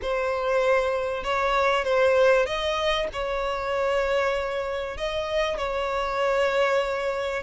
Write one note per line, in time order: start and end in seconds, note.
0.01 1.23 C5
1.23 1.84 C#5
1.84 2.45 C5
2.45 3.07 D#5
3.12 4.97 C#5
4.97 5.57 D#5
5.57 7.42 C#5